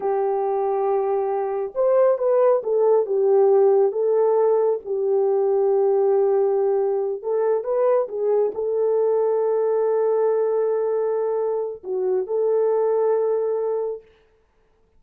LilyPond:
\new Staff \with { instrumentName = "horn" } { \time 4/4 \tempo 4 = 137 g'1 | c''4 b'4 a'4 g'4~ | g'4 a'2 g'4~ | g'1~ |
g'8 a'4 b'4 gis'4 a'8~ | a'1~ | a'2. fis'4 | a'1 | }